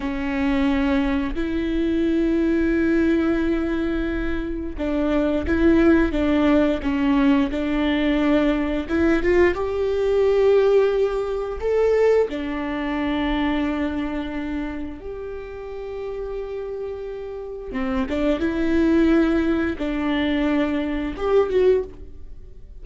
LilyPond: \new Staff \with { instrumentName = "viola" } { \time 4/4 \tempo 4 = 88 cis'2 e'2~ | e'2. d'4 | e'4 d'4 cis'4 d'4~ | d'4 e'8 f'8 g'2~ |
g'4 a'4 d'2~ | d'2 g'2~ | g'2 c'8 d'8 e'4~ | e'4 d'2 g'8 fis'8 | }